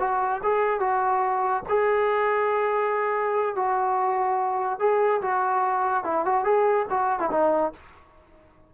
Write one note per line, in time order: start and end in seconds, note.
0.00 0.42 F#4
0.44 0.80 G#4
0.80 1.64 F#4
1.69 3.56 G#4
3.56 4.80 F#4
4.80 5.21 G#4
5.22 6.05 F#4
6.05 6.25 E4
6.26 6.45 F#4
6.45 6.86 G#4
6.90 7.20 F#4
7.20 7.30 E4
7.31 7.73 D#4